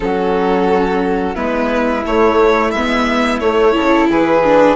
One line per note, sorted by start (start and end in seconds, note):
0.00 1.34 F#3
0.00 1.35 C#4
0.00 1.35 F#4
0.00 1.35 A4
1.35 2.04 G#3
1.35 2.03 B3
1.35 3.74 E4
1.35 2.03 B4
2.05 2.73 A3
2.05 2.75 A3
2.05 2.71 C#5
2.71 3.40 G#3
2.71 3.41 B3
2.71 3.39 E5
3.39 3.74 A3
3.39 3.72 A3
3.39 4.07 C#5
3.72 4.09 C#3
3.72 4.41 E4
3.72 4.08 A4
4.10 4.76 E3
4.10 4.76 G#4
4.10 4.76 B4
4.44 4.76 D4